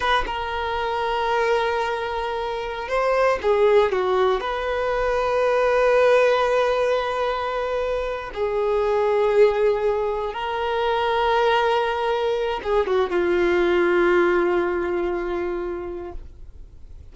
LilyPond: \new Staff \with { instrumentName = "violin" } { \time 4/4 \tempo 4 = 119 b'8 ais'2.~ ais'8~ | ais'4.~ ais'16 c''4 gis'4 fis'16~ | fis'8. b'2.~ b'16~ | b'1~ |
b'8 gis'2.~ gis'8~ | gis'8 ais'2.~ ais'8~ | ais'4 gis'8 fis'8 f'2~ | f'1 | }